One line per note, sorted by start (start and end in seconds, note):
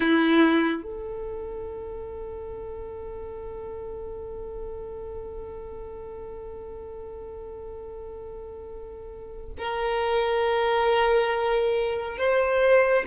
0.00 0.82 E4
0.82 9.52 A4
9.58 12.17 A#4
12.17 13.04 C5